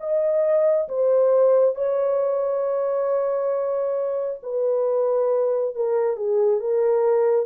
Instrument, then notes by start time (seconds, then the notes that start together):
horn
0.00 D#5
0.89 C5
1.76 C#5
4.43 B4
5.76 A#4
6.17 G#4
6.61 A#4